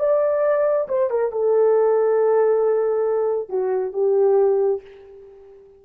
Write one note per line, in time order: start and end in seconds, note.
0.00 0.88 D5
0.89 1.11 C5
1.11 1.32 A#4
1.32 3.50 A4
3.50 3.94 F#4
3.94 4.82 G4